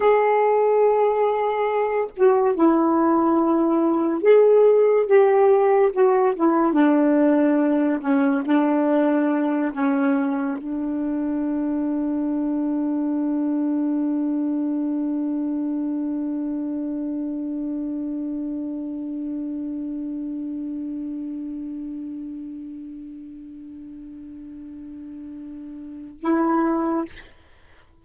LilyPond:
\new Staff \with { instrumentName = "saxophone" } { \time 4/4 \tempo 4 = 71 gis'2~ gis'8 fis'8 e'4~ | e'4 gis'4 g'4 fis'8 e'8 | d'4. cis'8 d'4. cis'8~ | cis'8 d'2.~ d'8~ |
d'1~ | d'1~ | d'1~ | d'2. e'4 | }